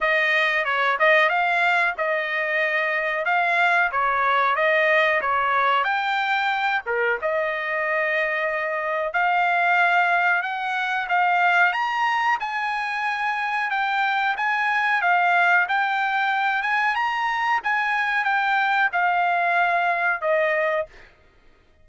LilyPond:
\new Staff \with { instrumentName = "trumpet" } { \time 4/4 \tempo 4 = 92 dis''4 cis''8 dis''8 f''4 dis''4~ | dis''4 f''4 cis''4 dis''4 | cis''4 g''4. ais'8 dis''4~ | dis''2 f''2 |
fis''4 f''4 ais''4 gis''4~ | gis''4 g''4 gis''4 f''4 | g''4. gis''8 ais''4 gis''4 | g''4 f''2 dis''4 | }